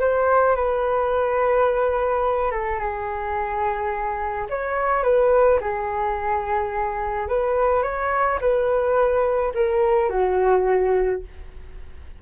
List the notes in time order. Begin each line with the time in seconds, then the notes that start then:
0.00 C5
0.56 B4
2.51 A4
2.79 G#4
4.50 C#5
5.03 B4
5.61 G#4
7.29 B4
7.83 C#5
8.41 B4
9.55 A#4
10.10 F#4